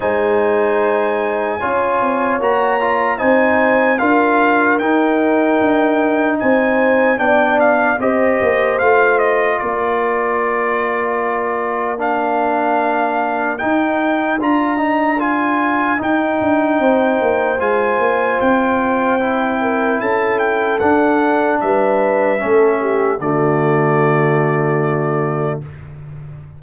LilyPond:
<<
  \new Staff \with { instrumentName = "trumpet" } { \time 4/4 \tempo 4 = 75 gis''2. ais''4 | gis''4 f''4 g''2 | gis''4 g''8 f''8 dis''4 f''8 dis''8 | d''2. f''4~ |
f''4 g''4 ais''4 gis''4 | g''2 gis''4 g''4~ | g''4 a''8 g''8 fis''4 e''4~ | e''4 d''2. | }
  \new Staff \with { instrumentName = "horn" } { \time 4/4 c''2 cis''2 | c''4 ais'2. | c''4 d''4 c''2 | ais'1~ |
ais'1~ | ais'4 c''2.~ | c''8 ais'8 a'2 b'4 | a'8 g'8 fis'2. | }
  \new Staff \with { instrumentName = "trombone" } { \time 4/4 dis'2 f'4 fis'8 f'8 | dis'4 f'4 dis'2~ | dis'4 d'4 g'4 f'4~ | f'2. d'4~ |
d'4 dis'4 f'8 dis'8 f'4 | dis'2 f'2 | e'2 d'2 | cis'4 a2. | }
  \new Staff \with { instrumentName = "tuba" } { \time 4/4 gis2 cis'8 c'8 ais4 | c'4 d'4 dis'4 d'4 | c'4 b4 c'8 ais8 a4 | ais1~ |
ais4 dis'4 d'2 | dis'8 d'8 c'8 ais8 gis8 ais8 c'4~ | c'4 cis'4 d'4 g4 | a4 d2. | }
>>